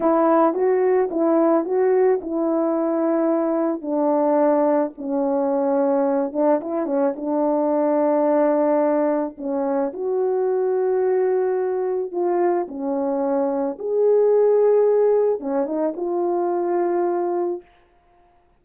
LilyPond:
\new Staff \with { instrumentName = "horn" } { \time 4/4 \tempo 4 = 109 e'4 fis'4 e'4 fis'4 | e'2. d'4~ | d'4 cis'2~ cis'8 d'8 | e'8 cis'8 d'2.~ |
d'4 cis'4 fis'2~ | fis'2 f'4 cis'4~ | cis'4 gis'2. | cis'8 dis'8 f'2. | }